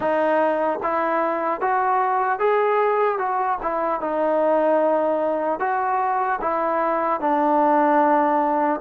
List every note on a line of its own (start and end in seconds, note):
0.00 0.79 D#4
0.83 1.60 E4
1.60 2.39 F#4
2.39 3.18 G#4
3.18 3.58 F#4
3.62 4.00 E4
4.00 5.59 D#4
5.59 6.39 F#4
6.41 7.20 E4
7.20 8.80 D4